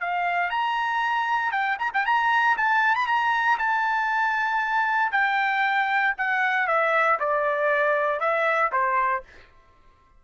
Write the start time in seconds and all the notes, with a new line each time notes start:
0.00 F5
0.50 A#5
1.51 G5
1.78 A#5
1.93 G5
2.05 A#5
2.57 A5
2.95 B5
3.06 A#5
3.58 A5
5.11 G5
6.17 F#5
6.67 E5
7.19 D5
8.20 E5
8.72 C5